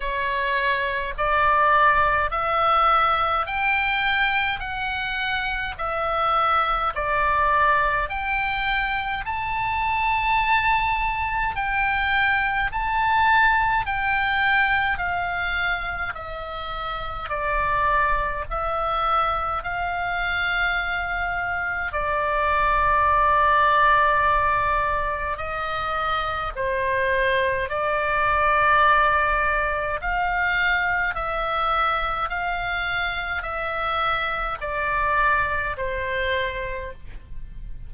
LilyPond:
\new Staff \with { instrumentName = "oboe" } { \time 4/4 \tempo 4 = 52 cis''4 d''4 e''4 g''4 | fis''4 e''4 d''4 g''4 | a''2 g''4 a''4 | g''4 f''4 e''4 d''4 |
e''4 f''2 d''4~ | d''2 dis''4 c''4 | d''2 f''4 e''4 | f''4 e''4 d''4 c''4 | }